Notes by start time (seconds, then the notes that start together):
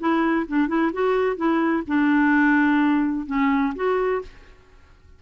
0.00 E4
0.48 D4
0.68 E4
0.93 F#4
1.37 E4
1.87 D4
3.27 C#4
3.75 F#4